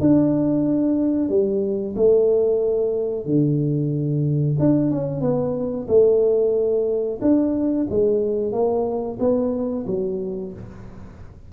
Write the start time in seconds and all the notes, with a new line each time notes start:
0.00 D4
1.29 G3
1.95 A3
3.25 D3
4.59 D4
4.91 C#4
5.21 B3
5.88 A3
7.21 D4
7.89 G#3
8.52 A#3
9.19 B3
9.87 F#3